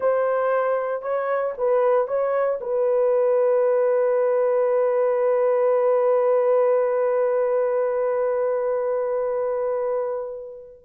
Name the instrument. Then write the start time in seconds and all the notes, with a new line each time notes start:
horn
0.00 C5
1.01 C#5
1.57 B4
2.07 C#5
2.60 B4